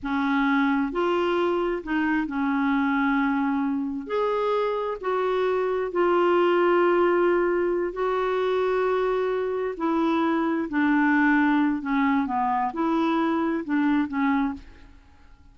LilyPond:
\new Staff \with { instrumentName = "clarinet" } { \time 4/4 \tempo 4 = 132 cis'2 f'2 | dis'4 cis'2.~ | cis'4 gis'2 fis'4~ | fis'4 f'2.~ |
f'4. fis'2~ fis'8~ | fis'4. e'2 d'8~ | d'2 cis'4 b4 | e'2 d'4 cis'4 | }